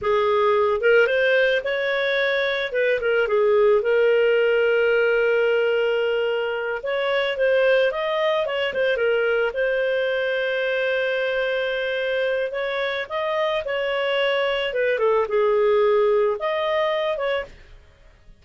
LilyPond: \new Staff \with { instrumentName = "clarinet" } { \time 4/4 \tempo 4 = 110 gis'4. ais'8 c''4 cis''4~ | cis''4 b'8 ais'8 gis'4 ais'4~ | ais'1~ | ais'8 cis''4 c''4 dis''4 cis''8 |
c''8 ais'4 c''2~ c''8~ | c''2. cis''4 | dis''4 cis''2 b'8 a'8 | gis'2 dis''4. cis''8 | }